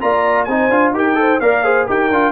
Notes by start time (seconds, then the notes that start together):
0.00 A#3 F4 D5 A#5
0.45 C4 D#4 C5 G#5
0.69 D4 F4
0.91 D#4 G4 A#4
0.98 G5
1.15 A4 C5
1.40 A#3 A#4 D5 F5
1.64 G#4 C5
1.87 D#4 G4 A#4 G5
2.10 D4 F4